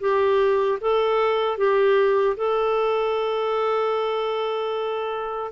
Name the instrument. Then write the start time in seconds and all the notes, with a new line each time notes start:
clarinet
0.00 G4
0.80 A4
1.57 G4
2.36 A4